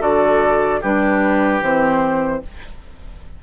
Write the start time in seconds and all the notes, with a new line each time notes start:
0.00 D3 F#4 A4 D5
0.81 G3 D4 G4 B4
1.61 E3 C4 C5